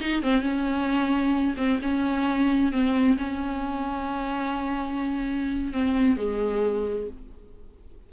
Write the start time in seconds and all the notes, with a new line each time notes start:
0.00 D#4
0.22 C4
0.41 C#4
1.57 C4
1.82 C#4
2.72 C4
3.17 C#4
5.73 C4
6.17 G#3